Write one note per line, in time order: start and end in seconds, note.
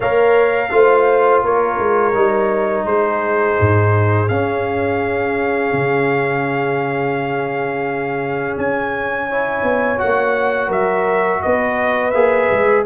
0.00 0.71 A#3
0.00 0.71 A#4
0.00 0.68 C#5
0.00 1.43 F5
0.71 1.42 A3
0.71 2.13 F4
0.71 1.43 C5
1.42 1.78 A#3
1.42 2.86 A#4
1.42 2.85 C#5
1.78 2.14 G#3
2.13 2.85 G3
2.13 4.28 D#4
2.85 3.56 G#3
2.85 9.29 G#4
2.85 4.28 C5
3.60 4.29 G#2
4.28 5.72 C#4
4.28 9.30 C#4
4.28 8.56 F5
5.72 8.57 C#3
8.57 9.62 C#4
8.57 9.99 G#5
9.29 9.98 E4
9.29 10.67 C#5
9.62 9.98 B3
9.98 10.68 A#3
9.98 12.12 F#4
9.98 10.71 F#5
10.67 11.39 F#3
10.67 11.39 A#4
10.67 11.42 E5
11.42 12.14 B3
11.42 12.85 B4
11.42 12.11 D#5
12.11 12.49 A#3
12.11 12.85 G#4
12.11 12.82 E5
12.51 12.85 G#3